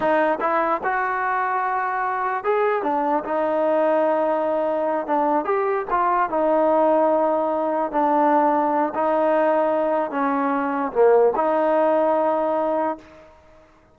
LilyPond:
\new Staff \with { instrumentName = "trombone" } { \time 4/4 \tempo 4 = 148 dis'4 e'4 fis'2~ | fis'2 gis'4 d'4 | dis'1~ | dis'8 d'4 g'4 f'4 dis'8~ |
dis'2.~ dis'8 d'8~ | d'2 dis'2~ | dis'4 cis'2 ais4 | dis'1 | }